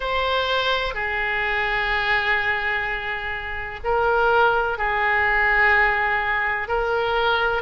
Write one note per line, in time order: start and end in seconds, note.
0.00 0.94 C5
0.94 3.80 G#4
3.84 4.77 A#4
4.77 6.68 G#4
6.68 7.62 A#4